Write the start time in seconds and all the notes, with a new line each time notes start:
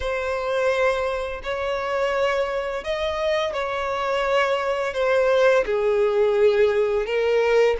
0.00 C5
1.43 C#5
2.84 D#5
3.53 C#5
4.93 C5
5.65 G#4
7.06 A#4